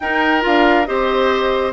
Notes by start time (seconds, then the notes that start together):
0.00 D#4 A#4 G5
0.41 D4 F4 F5
0.85 C4 G4 C5 D#5